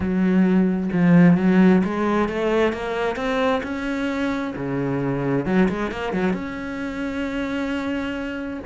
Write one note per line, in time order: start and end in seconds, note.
0.00 0.89 F#3
0.92 1.37 F3
1.37 1.82 F#3
1.84 2.29 G#3
2.29 2.73 A3
2.73 3.16 A#3
3.16 3.61 C4
3.63 4.54 C#4
4.56 5.45 C#3
5.45 5.68 F#3
5.68 5.91 G#3
5.91 6.12 A#3
6.12 6.33 F#3
6.33 8.60 C#4